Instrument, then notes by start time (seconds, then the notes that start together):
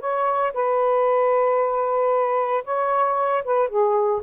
saxophone
0.00 C#5
0.54 B4
2.65 C#5
3.44 B4
3.69 G#4